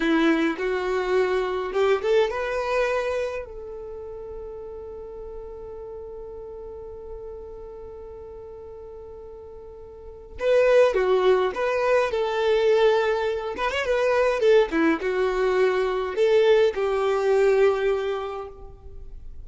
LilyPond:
\new Staff \with { instrumentName = "violin" } { \time 4/4 \tempo 4 = 104 e'4 fis'2 g'8 a'8 | b'2 a'2~ | a'1~ | a'1~ |
a'2 b'4 fis'4 | b'4 a'2~ a'8 b'16 cis''16 | b'4 a'8 e'8 fis'2 | a'4 g'2. | }